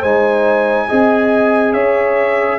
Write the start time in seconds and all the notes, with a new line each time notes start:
0.00 G#3 D#4 C5 G#5
0.88 C4 G#4 D#5
1.73 C#4 C#5 E5